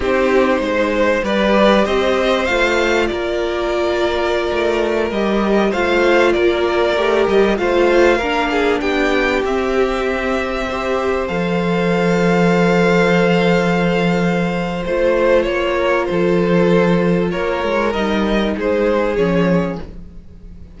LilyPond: <<
  \new Staff \with { instrumentName = "violin" } { \time 4/4 \tempo 4 = 97 c''2 d''4 dis''4 | f''4 d''2.~ | d''16 dis''4 f''4 d''4. dis''16~ | dis''16 f''2 g''4 e''8.~ |
e''2~ e''16 f''4.~ f''16~ | f''1 | c''4 cis''4 c''2 | cis''4 dis''4 c''4 cis''4 | }
  \new Staff \with { instrumentName = "violin" } { \time 4/4 g'4 c''4 b'4 c''4~ | c''4 ais'2.~ | ais'4~ ais'16 c''4 ais'4.~ ais'16~ | ais'16 c''4 ais'8 gis'8 g'4.~ g'16~ |
g'4~ g'16 c''2~ c''8.~ | c''1~ | c''4. ais'8 a'2 | ais'2 gis'2 | }
  \new Staff \with { instrumentName = "viola" } { \time 4/4 dis'2 g'2 | f'1~ | f'16 g'4 f'2 g'8.~ | g'16 f'4 d'2 c'8.~ |
c'4~ c'16 g'4 a'4.~ a'16~ | a'1 | f'1~ | f'4 dis'2 cis'4 | }
  \new Staff \with { instrumentName = "cello" } { \time 4/4 c'4 gis4 g4 c'4 | a4 ais2~ ais16 a8.~ | a16 g4 a4 ais4 a8 g16~ | g16 a4 ais4 b4 c'8.~ |
c'2~ c'16 f4.~ f16~ | f1 | a4 ais4 f2 | ais8 gis8 g4 gis4 f4 | }
>>